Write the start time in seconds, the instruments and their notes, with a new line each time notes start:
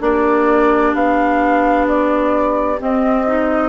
0.00 bassoon A#3, clarinet D4, oboe G4, flute D5
0.95 bassoon B3, flute F5
1.88 flute D5
2.80 clarinet C4, bassoon C4, flute D#5
3.27 clarinet D#4